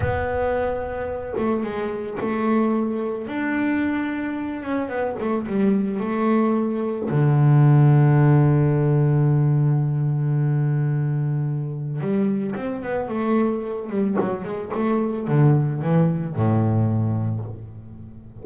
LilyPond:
\new Staff \with { instrumentName = "double bass" } { \time 4/4 \tempo 4 = 110 b2~ b8 a8 gis4 | a2 d'2~ | d'8 cis'8 b8 a8 g4 a4~ | a4 d2.~ |
d1~ | d2 g4 c'8 b8 | a4. g8 fis8 gis8 a4 | d4 e4 a,2 | }